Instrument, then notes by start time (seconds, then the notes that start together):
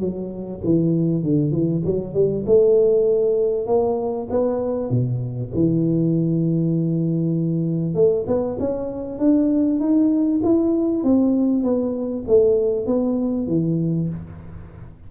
tuba
0.00 F#3
0.65 E3
1.23 D3
1.52 E3
1.85 F#3
2.14 G3
2.47 A3
3.67 A#3
4.31 B3
4.90 B2
5.54 E3
7.95 A3
8.27 B3
8.59 C#4
9.19 D4
9.80 D#4
10.43 E4
11.04 C4
11.64 B3
12.27 A3
12.86 B3
13.47 E3